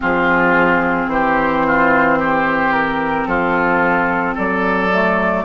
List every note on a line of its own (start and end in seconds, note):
0.00 1.07 F3
0.00 4.89 C4
0.00 1.10 F4
0.00 1.09 G#4
1.07 3.25 E3
1.07 1.66 G4
1.07 2.72 C5
1.66 2.18 F4
2.18 3.27 G4
2.72 3.26 A#4
3.26 4.35 F3
3.26 4.34 F4
3.26 4.35 A4
4.34 5.45 F#3
4.34 5.43 A4
4.34 5.45 D5
4.92 5.45 A3